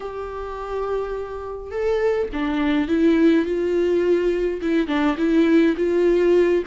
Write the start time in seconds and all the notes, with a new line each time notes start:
0.00 G4
1.71 A4
2.32 D4
2.88 E4
3.45 F4
4.61 E4
4.87 D4
5.17 E4
5.76 F4